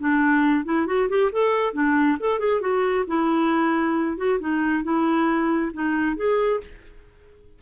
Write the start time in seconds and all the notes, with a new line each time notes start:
0.00 D4
0.65 E4
0.87 F#4
1.09 G4
1.32 A4
1.74 D4
2.20 A4
2.39 G#4
2.61 F#4
3.07 E4
4.18 F#4
4.40 D#4
4.84 E4
5.74 D#4
6.17 G#4